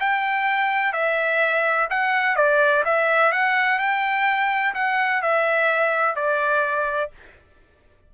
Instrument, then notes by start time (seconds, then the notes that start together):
trumpet
0.00 G5
0.93 E5
1.90 F#5
2.36 D5
2.85 E5
3.32 F#5
3.79 G5
4.74 F#5
5.22 E5
6.16 D5